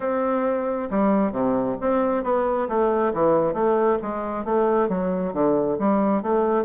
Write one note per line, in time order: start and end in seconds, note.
0.00 0.89 C4
0.90 1.32 G3
1.32 1.76 C3
1.80 2.23 C4
2.23 2.68 B3
2.68 3.12 A3
3.13 3.53 E3
3.53 3.98 A3
4.02 4.44 G#3
4.44 4.88 A3
4.88 5.33 F#3
5.33 5.77 D3
5.78 6.22 G3
6.22 6.64 A3